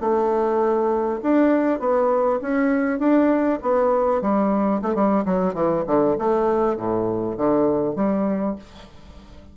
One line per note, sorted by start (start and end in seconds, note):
0.00 1.20 A3
1.22 1.79 D4
1.79 2.39 B3
2.41 2.99 C#4
2.99 3.59 D4
3.62 4.21 B3
4.21 4.81 G3
4.82 4.94 A3
4.94 5.24 G3
5.25 5.54 F#3
5.54 5.84 E3
5.87 6.17 D3
6.18 6.76 A3
6.76 7.36 A2
7.37 7.95 D3
7.95 8.55 G3